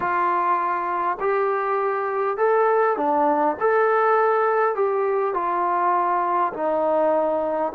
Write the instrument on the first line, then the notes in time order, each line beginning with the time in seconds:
trombone
0.00 F4
1.20 G4
2.37 A4
2.96 D4
3.59 A4
4.75 G4
5.34 F4
6.53 D#4